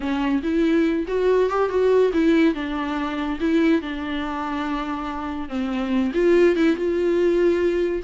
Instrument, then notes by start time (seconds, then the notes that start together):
viola
0.00 C#4
0.42 E4
1.07 F#4
1.49 G4
1.69 F#4
2.13 E4
2.54 D4
3.39 E4
3.81 D4
5.48 C4
6.13 F4
6.56 E4
6.75 F4